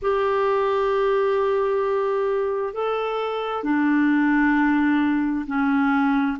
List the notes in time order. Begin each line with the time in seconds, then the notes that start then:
0.02 G4
2.73 A4
3.63 D4
5.46 C#4